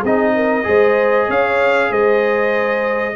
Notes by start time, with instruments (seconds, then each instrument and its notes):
0.00 tuba C4, horn G#4, trumpet D#5
0.07 trombone D#4
0.35 horn A#4
0.63 tuba G#3, trombone G#4, horn C5
1.27 tuba C#4, horn C#5, trumpet F5
1.90 tuba G#3, horn C5, trumpet D#5